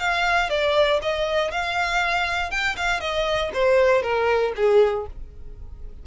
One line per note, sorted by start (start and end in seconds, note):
0.00 0.50 F5
0.50 1.00 D5
1.02 1.51 D#5
1.51 2.51 F5
2.51 2.76 G5
2.77 3.01 F5
3.01 3.51 D#5
3.54 4.03 C5
4.03 4.53 A#4
4.56 5.07 G#4